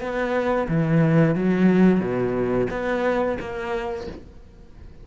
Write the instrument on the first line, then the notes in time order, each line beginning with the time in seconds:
cello
0.00 B3
0.68 E3
1.35 F#3
2.00 B2
2.70 B3
3.40 A#3